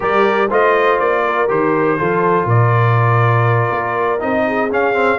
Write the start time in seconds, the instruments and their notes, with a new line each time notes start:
0.00 tuba G3, trombone G4, horn A#4, trumpet D5
0.48 tuba A3, trombone F4, horn C5, trumpet D#5
0.99 tuba A#3, trumpet D5
1.24 horn A#4
1.48 tuba D#3, trombone G4, trumpet C5
1.98 tuba F3, trombone F4, horn A4
2.45 tuba A#2, horn A#4, trumpet D5
3.70 tuba A#3
4.19 tuba C4, trombone D#4, trumpet D#5
4.47 horn G#4
4.71 tuba C#4, trombone C#4, trumpet F5
4.93 trombone C4